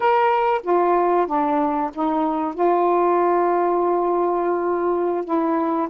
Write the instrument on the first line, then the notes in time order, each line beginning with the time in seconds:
saxophone
0.00 A#4
0.63 F4
1.26 D4
1.94 D#4
2.54 F4
5.24 E4